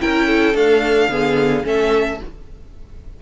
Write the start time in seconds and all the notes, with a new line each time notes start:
0.00 C#4 E4 A#4 G5
0.27 A4
0.54 A3 D4 F5
1.09 D3 B3 G#4
1.64 A3 C#4 A4 E5